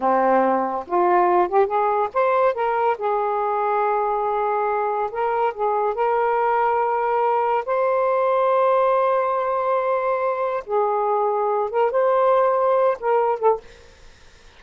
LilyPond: \new Staff \with { instrumentName = "saxophone" } { \time 4/4 \tempo 4 = 141 c'2 f'4. g'8 | gis'4 c''4 ais'4 gis'4~ | gis'1 | ais'4 gis'4 ais'2~ |
ais'2 c''2~ | c''1~ | c''4 gis'2~ gis'8 ais'8 | c''2~ c''8 ais'4 a'8 | }